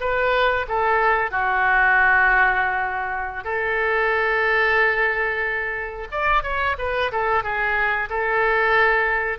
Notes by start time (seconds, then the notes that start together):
0.00 B4
0.68 A4
1.31 F#4
3.44 A4
6.11 D5
6.43 C#5
6.78 B4
7.11 A4
7.43 G#4
8.09 A4